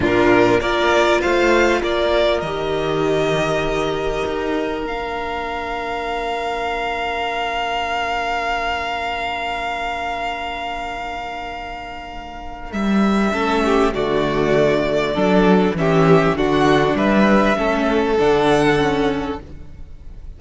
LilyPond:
<<
  \new Staff \with { instrumentName = "violin" } { \time 4/4 \tempo 4 = 99 ais'4 d''4 f''4 d''4 | dis''1 | f''1~ | f''1~ |
f''1~ | f''4 e''2 d''4~ | d''2 e''4 fis''4 | e''2 fis''2 | }
  \new Staff \with { instrumentName = "violin" } { \time 4/4 f'4 ais'4 c''4 ais'4~ | ais'1~ | ais'1~ | ais'1~ |
ais'1~ | ais'2 a'8 g'8 fis'4~ | fis'4 a'4 g'4 fis'4 | b'4 a'2. | }
  \new Staff \with { instrumentName = "viola" } { \time 4/4 d'4 f'2. | g'1 | d'1~ | d'1~ |
d'1~ | d'2 cis'4 a4~ | a4 d'4 cis'4 d'4~ | d'4 cis'4 d'4 cis'4 | }
  \new Staff \with { instrumentName = "cello" } { \time 4/4 ais,4 ais4 a4 ais4 | dis2. dis'4 | ais1~ | ais1~ |
ais1~ | ais4 g4 a4 d4~ | d4 fis4 e4 d4 | g4 a4 d2 | }
>>